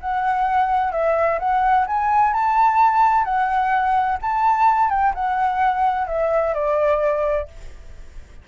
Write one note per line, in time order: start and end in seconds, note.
0.00 0.92 F#5
0.92 1.39 E5
1.39 1.86 F#5
1.86 2.33 G#5
2.33 3.24 A5
3.24 4.18 F#5
4.21 4.89 A5
4.89 5.13 G5
5.14 6.07 F#5
6.07 6.54 E5
6.54 7.47 D5